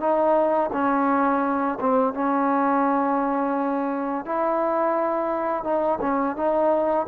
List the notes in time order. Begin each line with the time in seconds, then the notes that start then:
0.00 D#4
0.73 C#4
1.81 C4
2.14 C#4
4.26 E4
5.64 D#4
6.01 C#4
6.36 D#4